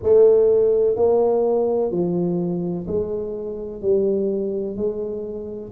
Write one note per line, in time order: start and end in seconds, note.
0.03 0.96 A3
0.96 1.91 A#3
1.91 2.86 F3
2.87 3.81 G#3
3.81 4.76 G3
4.76 5.71 G#3